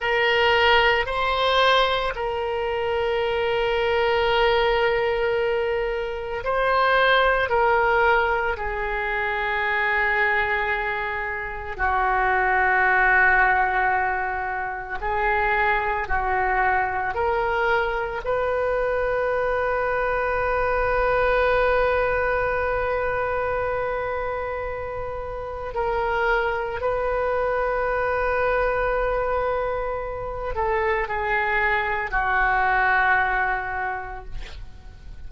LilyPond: \new Staff \with { instrumentName = "oboe" } { \time 4/4 \tempo 4 = 56 ais'4 c''4 ais'2~ | ais'2 c''4 ais'4 | gis'2. fis'4~ | fis'2 gis'4 fis'4 |
ais'4 b'2.~ | b'1 | ais'4 b'2.~ | b'8 a'8 gis'4 fis'2 | }